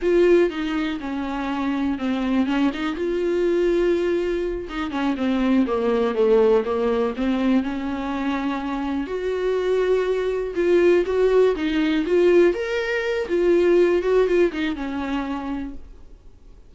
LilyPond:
\new Staff \with { instrumentName = "viola" } { \time 4/4 \tempo 4 = 122 f'4 dis'4 cis'2 | c'4 cis'8 dis'8 f'2~ | f'4. dis'8 cis'8 c'4 ais8~ | ais8 a4 ais4 c'4 cis'8~ |
cis'2~ cis'8 fis'4.~ | fis'4. f'4 fis'4 dis'8~ | dis'8 f'4 ais'4. f'4~ | f'8 fis'8 f'8 dis'8 cis'2 | }